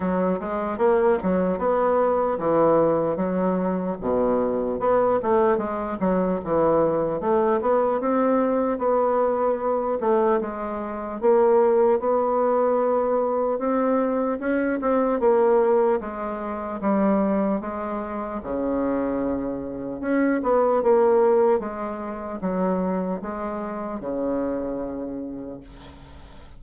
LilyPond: \new Staff \with { instrumentName = "bassoon" } { \time 4/4 \tempo 4 = 75 fis8 gis8 ais8 fis8 b4 e4 | fis4 b,4 b8 a8 gis8 fis8 | e4 a8 b8 c'4 b4~ | b8 a8 gis4 ais4 b4~ |
b4 c'4 cis'8 c'8 ais4 | gis4 g4 gis4 cis4~ | cis4 cis'8 b8 ais4 gis4 | fis4 gis4 cis2 | }